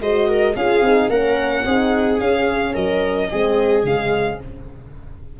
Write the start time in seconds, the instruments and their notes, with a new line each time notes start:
0.00 tuba G#3, horn F#4, viola C5, violin D#5
0.28 viola A#4
0.55 tuba C#4, horn F4, viola G#4, violin F5
0.81 tuba C4, horn D#4
1.09 tuba A#3, horn C#4, viola A#4, violin F#5
1.65 tuba C4, horn D#4, viola G#4
2.20 tuba C#4, horn C#4, violin F5
2.73 tuba F#3, viola A#4, violin D#5
3.30 tuba G#3, horn C4, viola G#4
3.83 tuba C#3, horn G#3, violin F5